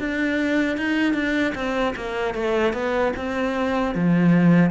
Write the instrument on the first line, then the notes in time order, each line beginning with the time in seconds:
cello
0.00 D4
0.78 D#4
1.14 D4
1.55 C4
1.96 A#3
2.35 A3
2.73 B3
3.17 C4
3.95 F3